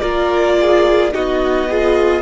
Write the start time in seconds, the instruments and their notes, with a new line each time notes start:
0.00 cello A#3, viola F4, violin A#4 D5
0.60 violin G#4
1.12 cello B3, viola D#4, violin F#4 D#5
1.68 viola F4, violin G#4